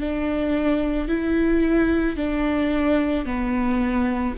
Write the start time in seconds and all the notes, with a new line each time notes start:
0.00 D4
1.08 E4
2.17 D4
3.26 B3